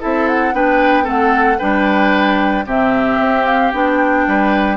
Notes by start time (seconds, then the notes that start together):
0.00 C4 E4 A4 E5
0.29 F#5
0.53 B3 D4 B4 G5
1.04 A3 C4 A4 F#5
1.59 G3 D4 B4 G5
2.65 C3 C4 G4 E5
3.19 C4
3.45 F5
3.73 B3 D4 G5
4.27 G3 B4